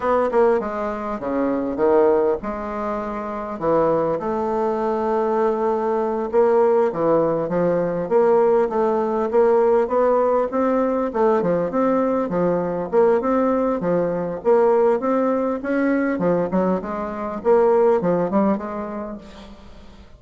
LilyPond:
\new Staff \with { instrumentName = "bassoon" } { \time 4/4 \tempo 4 = 100 b8 ais8 gis4 cis4 dis4 | gis2 e4 a4~ | a2~ a8 ais4 e8~ | e8 f4 ais4 a4 ais8~ |
ais8 b4 c'4 a8 f8 c'8~ | c'8 f4 ais8 c'4 f4 | ais4 c'4 cis'4 f8 fis8 | gis4 ais4 f8 g8 gis4 | }